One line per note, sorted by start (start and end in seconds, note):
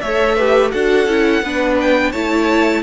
0.00 0.73 A3
0.00 0.38 A4
0.00 0.36 C#5
0.00 0.71 E5
0.36 0.71 G4
0.36 0.71 B4
0.71 1.06 D4
0.71 1.07 F#4
0.71 1.43 A4
0.71 1.77 F#5
1.06 1.42 C#4
1.06 1.43 E4
1.42 2.12 B3
1.42 2.13 D4
1.42 2.11 B4
1.80 2.12 G5
2.11 2.82 A3
2.11 2.82 E4
2.11 2.82 C#5
2.11 2.82 A5